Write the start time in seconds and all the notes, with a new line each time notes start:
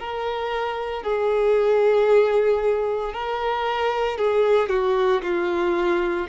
0.00 A#4
1.03 G#4
3.14 A#4
4.18 G#4
4.69 F#4
5.23 F4